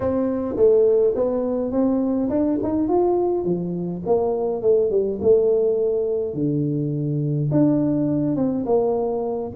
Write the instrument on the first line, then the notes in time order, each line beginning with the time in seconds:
tuba
0.00 C4
0.56 A3
1.15 B3
1.71 C4
2.29 D4
2.62 D#4
2.88 F4
3.44 F3
4.05 A#3
4.62 A3
4.90 G3
5.21 A3
6.34 D3
7.51 D4
8.35 C4
8.65 A#3